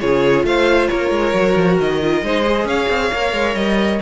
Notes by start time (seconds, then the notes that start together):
0.00 C#3 F4 G#4 C#5
0.43 A3 C5 F5
0.87 A#3 A#4 C#5
1.10 G#3
1.33 F#3 F#4
1.56 F3
1.79 D#3 D#5
2.01 F4
2.22 G#3 D#4 C5
2.44 G#4
2.65 C#4 C#5 F5
2.88 C4
3.13 A#3 A#4
3.33 G#3
3.54 G3 D#5